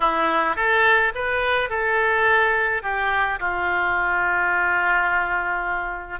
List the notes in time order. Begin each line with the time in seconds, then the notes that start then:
0.00 E4
0.56 A4
1.14 B4
1.69 A4
2.82 G4
3.39 F4